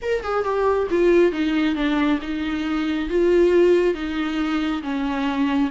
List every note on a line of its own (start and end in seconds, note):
0.02 0.23 A#4
0.23 0.43 G#4
0.43 0.87 G4
0.90 1.32 F4
1.32 1.75 D#4
1.75 2.19 D4
2.21 3.09 D#4
3.09 3.94 F4
3.94 4.82 D#4
4.82 5.69 C#4